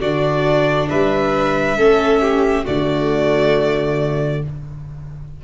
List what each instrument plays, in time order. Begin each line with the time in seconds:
0.00 tuba D3, viola D4, violin F#4 D5
0.90 tuba G3, violin B4 E5
1.78 tuba A3, viola C#4, violin A4
2.22 violin G4
2.65 tuba D3, viola A3, violin F#4 D5